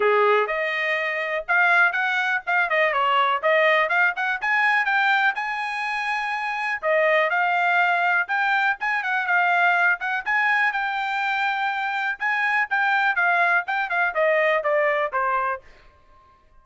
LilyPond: \new Staff \with { instrumentName = "trumpet" } { \time 4/4 \tempo 4 = 123 gis'4 dis''2 f''4 | fis''4 f''8 dis''8 cis''4 dis''4 | f''8 fis''8 gis''4 g''4 gis''4~ | gis''2 dis''4 f''4~ |
f''4 g''4 gis''8 fis''8 f''4~ | f''8 fis''8 gis''4 g''2~ | g''4 gis''4 g''4 f''4 | g''8 f''8 dis''4 d''4 c''4 | }